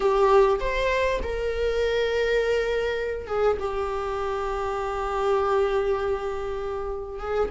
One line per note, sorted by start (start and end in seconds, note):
0.00 0.59 G4
0.59 1.19 C5
1.22 3.27 A#4
3.27 3.57 G#4
3.59 7.19 G4
7.19 7.49 G#4